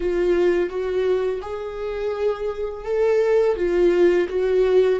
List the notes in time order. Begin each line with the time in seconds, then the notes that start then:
0.00 F4
0.69 F#4
1.41 G#4
2.84 A4
3.56 F4
4.29 F#4